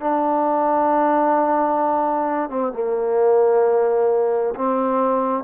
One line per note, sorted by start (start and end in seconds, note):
0.00 2.49 D4
2.49 2.72 C4
2.72 4.54 A#3
4.55 5.44 C4